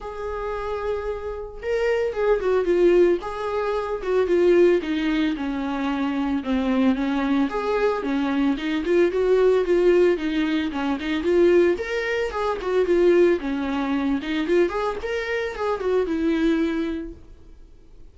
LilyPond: \new Staff \with { instrumentName = "viola" } { \time 4/4 \tempo 4 = 112 gis'2. ais'4 | gis'8 fis'8 f'4 gis'4. fis'8 | f'4 dis'4 cis'2 | c'4 cis'4 gis'4 cis'4 |
dis'8 f'8 fis'4 f'4 dis'4 | cis'8 dis'8 f'4 ais'4 gis'8 fis'8 | f'4 cis'4. dis'8 f'8 gis'8 | ais'4 gis'8 fis'8 e'2 | }